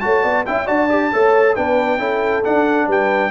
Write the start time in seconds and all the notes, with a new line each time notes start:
0.00 A3 F#4 C#5 A5
0.23 B3 D5
0.46 C#4 E4 E5 G5
0.66 D4 F#4 D5 A5
0.89 G4
1.12 A3 A4 C#5
1.55 B3 D4 B4 G5
1.97 C#4 E4 A4
2.44 D4 F#5
2.87 G3 B4 G5